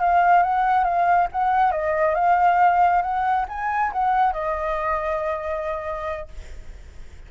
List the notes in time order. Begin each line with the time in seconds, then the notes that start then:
0.00 F5
0.43 F#5
0.84 F5
1.32 F#5
1.72 D#5
2.15 F5
3.02 F#5
3.48 G#5
3.92 F#5
4.33 D#5